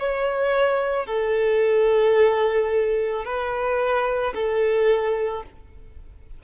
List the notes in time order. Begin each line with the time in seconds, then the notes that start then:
0.00 C#5
1.07 A4
3.25 B4
4.34 A4